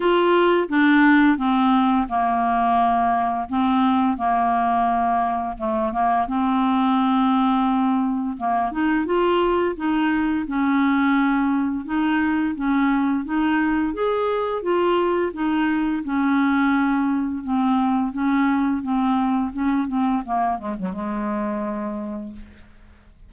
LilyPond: \new Staff \with { instrumentName = "clarinet" } { \time 4/4 \tempo 4 = 86 f'4 d'4 c'4 ais4~ | ais4 c'4 ais2 | a8 ais8 c'2. | ais8 dis'8 f'4 dis'4 cis'4~ |
cis'4 dis'4 cis'4 dis'4 | gis'4 f'4 dis'4 cis'4~ | cis'4 c'4 cis'4 c'4 | cis'8 c'8 ais8 gis16 fis16 gis2 | }